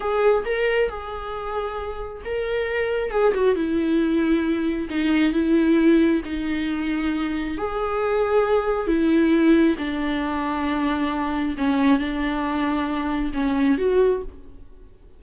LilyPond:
\new Staff \with { instrumentName = "viola" } { \time 4/4 \tempo 4 = 135 gis'4 ais'4 gis'2~ | gis'4 ais'2 gis'8 fis'8 | e'2. dis'4 | e'2 dis'2~ |
dis'4 gis'2. | e'2 d'2~ | d'2 cis'4 d'4~ | d'2 cis'4 fis'4 | }